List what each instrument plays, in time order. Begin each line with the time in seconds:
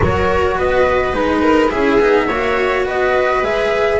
0.01 double bass F#3, cello F#4, viola A#4, flute C#5
0.56 double bass B3, viola B4, flute D#5
1.12 double bass G#3, cello D#4, flute B4
1.42 viola A#4
1.70 double bass C#4, cello E4, viola G#4, flute E5
1.99 double bass B3, cello D#4
2.27 double bass A#3, cello F#4, viola C#5
2.85 double bass B3, viola B4, flute D#5
3.42 double bass G#3, cello G#4, flute E5